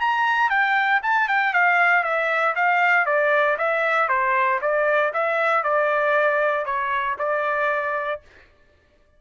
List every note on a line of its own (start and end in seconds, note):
0.00 0.49 A#5
0.49 1.01 G5
1.02 1.28 A5
1.28 1.53 G5
1.53 2.03 F5
2.03 2.54 E5
2.55 3.05 F5
3.05 3.57 D5
3.57 4.08 E5
4.08 4.59 C5
4.61 5.12 D5
5.13 5.63 E5
5.63 6.65 D5
6.65 7.16 C#5
7.18 8.21 D5